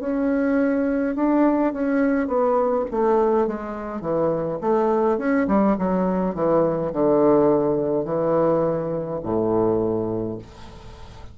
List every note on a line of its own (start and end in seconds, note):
0.00 1.15 C#4
1.16 1.73 D4
1.73 2.28 C#4
2.28 2.85 B3
2.91 3.47 A3
3.47 4.01 G#3
4.01 4.59 E3
4.61 5.18 A3
5.18 5.47 C#4
5.48 5.76 G3
5.78 6.35 F#3
6.35 6.92 E3
6.93 8.05 D3
8.05 9.20 E3
9.23 10.38 A2